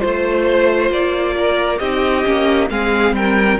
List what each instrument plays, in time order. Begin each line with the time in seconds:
0.00 cello A3, viola F4, violin C5
0.90 cello A#3, violin D5
1.37 violin A#4
1.79 cello C4, viola D#4, violin G4 D#5
2.25 cello A#3, viola C#4
2.70 cello G#3, viola C4, violin G#4 F5
3.12 cello G3, violin A#4 G5